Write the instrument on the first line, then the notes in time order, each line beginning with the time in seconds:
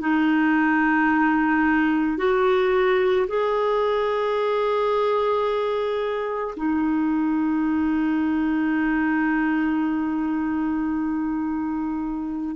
clarinet
0.00 D#4
2.17 F#4
3.27 G#4
6.56 D#4